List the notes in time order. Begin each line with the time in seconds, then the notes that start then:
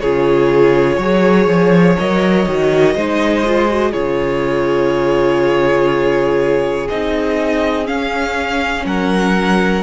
0.00 C#3 F4 G#4 C#5
0.97 F#3 G#4 C#5
1.47 F3
1.98 F#3 A#4 D#5
2.47 D#3 F#4
2.95 G#3 D#4 C5
3.46 F4
3.69 F#4
3.92 C#3 F4 G#4 C#5
6.89 C4 D#4 D#5
7.85 C#4 F5
8.85 F#3 A#4 F#5